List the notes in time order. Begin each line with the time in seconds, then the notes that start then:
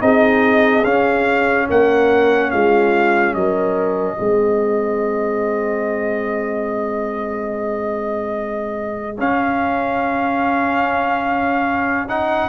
0.00 C4 D#4 G#4 D#5
0.84 C#4 F5
1.69 A#3 A#4 F#5
2.51 G#3 F4 F5
3.34 F#3 A#4 D#5
4.16 G#3 C4 G#4
9.17 C#4 F5
12.08 D#4 F#5